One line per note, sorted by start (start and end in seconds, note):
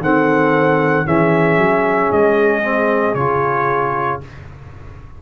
0.00 1.05 D#3
0.00 1.05 C4
0.00 1.06 A4
0.00 1.07 F#5
1.05 1.57 E3
1.05 2.62 C#4
1.05 4.22 G#4
1.05 2.12 E5
1.57 2.10 F#3
2.12 3.14 G#3
2.12 3.15 D#5
2.62 3.15 C4
3.14 4.20 C#3
3.14 4.21 F4
3.14 4.20 C#5